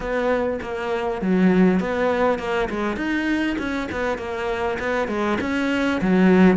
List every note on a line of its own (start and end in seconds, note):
0.00 0.59 B3
0.61 1.21 A#3
1.21 1.80 F#3
1.80 2.38 B3
2.38 2.68 A#3
2.69 2.96 G#3
2.96 3.56 D#4
3.58 3.88 C#4
3.91 4.18 B3
4.18 4.78 A#3
4.79 5.08 B3
5.08 5.38 G#3
5.41 6.01 C#4
6.01 6.57 F#3